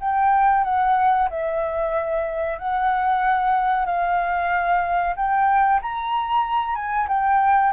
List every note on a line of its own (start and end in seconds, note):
0.00 0.65 G5
0.65 1.29 F#5
1.30 2.59 E5
2.59 3.86 F#5
3.86 5.15 F5
5.16 5.81 G5
5.82 6.75 A#5
6.75 7.08 G#5
7.08 7.73 G5